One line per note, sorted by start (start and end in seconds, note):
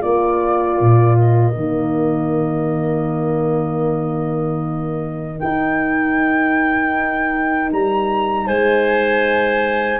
0.00 0.81 A#3
0.00 1.56 F4
0.00 8.46 A#4
0.00 1.17 D5
0.81 1.56 A#2
1.17 5.40 D#5
1.56 5.41 D#3
1.56 5.38 A#3
5.38 10.00 D#4
5.38 7.72 D#4
5.38 7.71 G5
7.72 8.48 G3
7.72 8.48 A#5
8.47 10.00 G#3
8.47 10.00 C5
8.47 10.00 G#5